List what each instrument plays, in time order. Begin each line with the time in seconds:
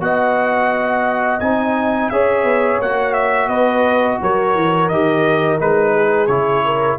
0.00 tuba B3, trombone F#4, horn D#5, trumpet F#5
1.40 tuba C4, trombone D#4, trumpet G#5
2.10 tuba C#4, trombone G#4, horn C#5, trumpet E5
2.44 tuba B3
2.80 tuba A#3, trombone F#4, trumpet F#5
3.14 trumpet E5
3.49 tuba B3, horn B4, trumpet D#5
4.22 tuba F#3, horn A#4, trumpet C#5
4.55 tuba E3
4.89 tuba D#3, trombone G4, trumpet D#5
5.59 tuba G#3, trombone D#4, trumpet B4
5.95 horn G#4
6.27 tuba C#3, trombone E4, trumpet C#5
6.65 horn A#4